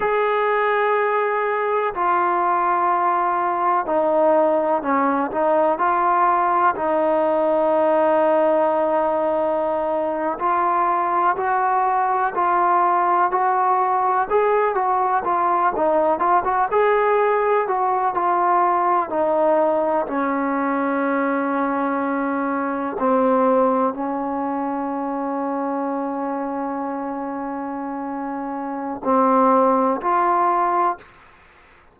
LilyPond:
\new Staff \with { instrumentName = "trombone" } { \time 4/4 \tempo 4 = 62 gis'2 f'2 | dis'4 cis'8 dis'8 f'4 dis'4~ | dis'2~ dis'8. f'4 fis'16~ | fis'8. f'4 fis'4 gis'8 fis'8 f'16~ |
f'16 dis'8 f'16 fis'16 gis'4 fis'8 f'4 dis'16~ | dis'8. cis'2. c'16~ | c'8. cis'2.~ cis'16~ | cis'2 c'4 f'4 | }